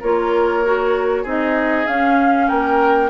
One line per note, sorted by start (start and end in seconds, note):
0.00 1.24 A#3
0.00 0.64 F4
0.00 1.23 A#4
0.00 1.26 C#5
0.64 1.25 F#4
1.23 1.86 C4
1.23 1.87 D#4
1.23 2.46 G#4
1.23 1.87 D#5
1.87 2.49 C#4
1.87 3.10 C#4
1.87 2.48 F5
2.48 3.10 A#3
2.48 3.10 A#4
2.48 3.10 G5